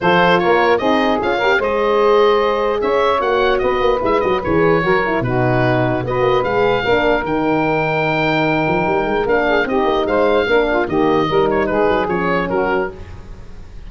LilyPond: <<
  \new Staff \with { instrumentName = "oboe" } { \time 4/4 \tempo 4 = 149 c''4 cis''4 dis''4 f''4 | dis''2. e''4 | fis''4 dis''4 e''8 dis''8 cis''4~ | cis''4 b'2 dis''4 |
f''2 g''2~ | g''2. f''4 | dis''4 f''2 dis''4~ | dis''8 cis''8 b'4 cis''4 ais'4 | }
  \new Staff \with { instrumentName = "saxophone" } { \time 4/4 a'4 ais'4 gis'4. ais'8 | c''2. cis''4~ | cis''4 b'2. | ais'4 fis'2 b'4~ |
b'4 ais'2.~ | ais'2.~ ais'8 gis'8 | g'4 c''4 ais'8 f'8 g'4 | ais'4 gis'2 fis'4 | }
  \new Staff \with { instrumentName = "horn" } { \time 4/4 f'2 dis'4 f'8 g'8 | gis'1 | fis'2 e'8 fis'8 gis'4 | fis'8 e'8 dis'2 fis'4 |
gis'4 d'4 dis'2~ | dis'2. d'4 | dis'2 d'4 ais4 | dis'2 cis'2 | }
  \new Staff \with { instrumentName = "tuba" } { \time 4/4 f4 ais4 c'4 cis'4 | gis2. cis'4 | ais4 b8 ais8 gis8 fis8 e4 | fis4 b,2 b8 ais8 |
gis4 ais4 dis2~ | dis4. f8 g8 gis8 ais4 | c'8 ais8 gis4 ais4 dis4 | g4 gis8 fis8 f4 fis4 | }
>>